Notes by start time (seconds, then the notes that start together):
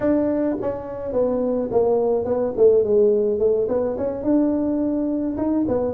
0.00 D4
0.61 C#4
1.12 B3
1.71 A#3
2.25 B3
2.57 A3
2.84 G#3
3.39 A3
3.68 B3
3.97 C#4
4.23 D4
5.37 D#4
5.68 B3